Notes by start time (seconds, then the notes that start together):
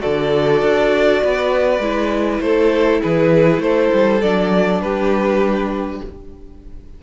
0.00 D3 F#4 A4 D5
0.62 D4
1.23 B3 B4
1.79 G#3 E4
2.40 A3 A4 C5
3.02 E3 G#4 B4
3.59 A3 A4 C5
3.93 G3
4.21 F#3 D4 D5
4.80 G3 G4 B4